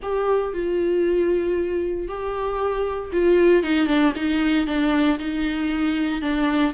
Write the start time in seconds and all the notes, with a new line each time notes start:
0.02 G4
0.53 F4
2.07 G4
3.12 F4
3.63 D#4
3.87 D4
4.15 D#4
4.66 D4
5.18 D#4
6.21 D4